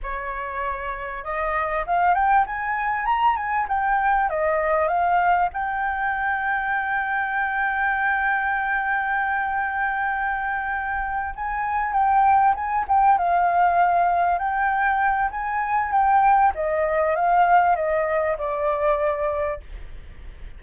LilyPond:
\new Staff \with { instrumentName = "flute" } { \time 4/4 \tempo 4 = 98 cis''2 dis''4 f''8 g''8 | gis''4 ais''8 gis''8 g''4 dis''4 | f''4 g''2.~ | g''1~ |
g''2~ g''8 gis''4 g''8~ | g''8 gis''8 g''8 f''2 g''8~ | g''4 gis''4 g''4 dis''4 | f''4 dis''4 d''2 | }